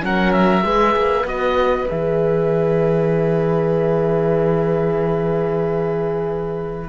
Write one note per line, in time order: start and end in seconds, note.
0.00 0.64 F#3
0.00 0.62 C#4
0.00 0.66 A#4
0.00 0.33 F#5
0.33 1.26 E5
0.62 0.96 G#3
0.62 1.24 G#4
0.62 6.89 B4
0.96 1.25 A#3
1.25 1.87 B3
1.25 1.87 F#4
1.25 1.88 D#5
1.88 6.89 E3
1.88 6.89 G#4
1.88 6.88 E5